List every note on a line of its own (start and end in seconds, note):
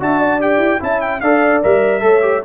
0.00 0.58 D4
0.00 0.41 F#4
0.00 0.20 E5
0.00 0.41 A5
0.20 0.81 D5
0.41 0.80 G4
0.41 0.82 G5
0.58 0.78 E4
0.80 1.22 C#4
0.80 1.20 E4
0.80 1.22 E5
0.80 1.01 A5
1.01 1.20 G5
1.20 1.62 D4
1.20 1.63 A4
1.20 2.03 D5
1.20 1.61 F5
1.63 2.02 G3
1.63 2.01 A#4
1.63 2.45 E5
2.01 2.43 A3
2.01 2.21 A4
2.01 2.44 C#5
2.22 2.42 G4